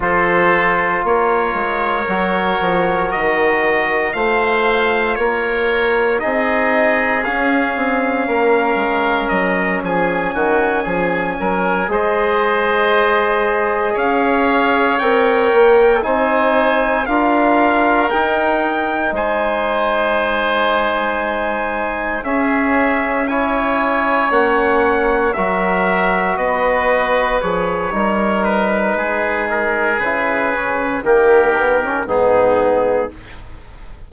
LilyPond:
<<
  \new Staff \with { instrumentName = "trumpet" } { \time 4/4 \tempo 4 = 58 c''4 cis''2 dis''4 | f''4 cis''4 dis''4 f''4~ | f''4 dis''8 gis''2 dis''8~ | dis''4. f''4 g''4 gis''8~ |
gis''8 f''4 g''4 gis''4.~ | gis''4. e''4 gis''4 fis''8~ | fis''8 e''4 dis''4 cis''4 b'8~ | b'8 ais'8 b'4 ais'4 gis'4 | }
  \new Staff \with { instrumentName = "oboe" } { \time 4/4 a'4 ais'2. | c''4 ais'4 gis'2 | ais'4. gis'8 fis'8 gis'8 ais'8 c''8~ | c''4. cis''2 c''8~ |
c''8 ais'2 c''4.~ | c''4. gis'4 cis''4.~ | cis''8 ais'4 b'4. ais'4 | gis'2 g'4 dis'4 | }
  \new Staff \with { instrumentName = "trombone" } { \time 4/4 f'2 fis'2 | f'2 dis'4 cis'4~ | cis'2.~ cis'8 gis'8~ | gis'2~ gis'8 ais'4 dis'8~ |
dis'8 f'4 dis'2~ dis'8~ | dis'4. cis'4 e'4 cis'8~ | cis'8 fis'2 gis'8 dis'4~ | dis'4 e'8 cis'8 ais8 b16 cis'16 b4 | }
  \new Staff \with { instrumentName = "bassoon" } { \time 4/4 f4 ais8 gis8 fis8 f8 dis4 | a4 ais4 c'4 cis'8 c'8 | ais8 gis8 fis8 f8 dis8 f8 fis8 gis8~ | gis4. cis'4 c'8 ais8 c'8~ |
c'8 d'4 dis'4 gis4.~ | gis4. cis'2 ais8~ | ais8 fis4 b4 f8 g4 | gis4 cis4 dis4 gis,4 | }
>>